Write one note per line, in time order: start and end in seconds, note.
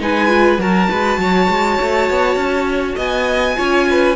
0.00 0.58 G#3
0.00 0.28 D#4
0.00 0.60 B4
0.00 0.61 G#5
0.28 0.58 F4
0.58 0.88 F#3
0.58 3.56 F#4
0.58 0.90 A#4
0.58 2.99 A5
0.90 1.18 G#3
0.90 1.20 B4
1.18 1.47 F#3
1.18 2.95 C#5
1.49 1.79 G#3
1.81 2.10 A3
2.10 2.35 B3
2.35 2.95 C#4
2.95 3.57 B3
2.95 3.55 D#5
2.95 4.16 G#5
3.56 4.16 C#4
3.56 4.15 F4
3.56 3.87 C#5
3.90 4.16 B4